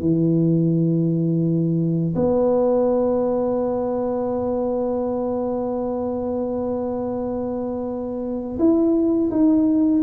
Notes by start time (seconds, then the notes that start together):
0.00 E3
2.15 B3
8.59 E4
9.31 D#4